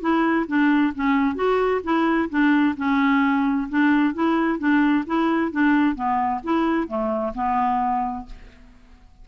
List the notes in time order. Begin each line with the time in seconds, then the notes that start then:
0.00 E4
0.47 D4
0.94 C#4
1.35 F#4
1.83 E4
2.29 D4
2.76 C#4
3.69 D4
4.13 E4
4.58 D4
5.06 E4
5.51 D4
5.95 B3
6.43 E4
6.87 A3
7.34 B3